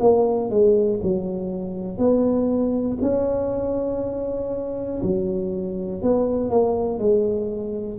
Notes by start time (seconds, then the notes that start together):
0.00 A#3
0.50 G#3
1.03 F#3
1.98 B3
3.01 C#4
5.02 F#3
6.02 B3
6.50 A#3
6.99 G#3